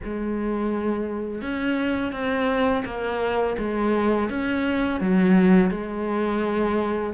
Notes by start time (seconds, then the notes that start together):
0.04 G#3
1.41 C#4
2.12 C4
2.85 A#3
3.58 G#3
4.29 C#4
5.00 F#3
5.70 G#3